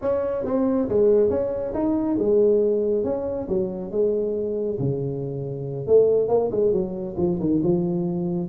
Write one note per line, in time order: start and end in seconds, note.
0.01 0.45 C#4
0.45 0.88 C4
0.88 1.29 G#3
1.29 1.73 C#4
1.74 2.17 D#4
2.18 3.04 G#3
3.04 3.47 C#4
3.48 3.91 F#3
3.91 4.78 G#3
4.79 5.86 C#3
5.86 6.28 A3
6.28 6.50 A#3
6.51 6.72 G#3
6.72 7.15 F#3
7.17 7.39 F3
7.40 7.61 D#3
7.63 8.48 F3